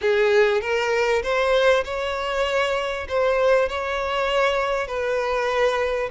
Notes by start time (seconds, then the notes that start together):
0.01 G#4
0.61 A#4
1.22 C5
1.84 C#5
3.08 C5
3.68 C#5
4.87 B4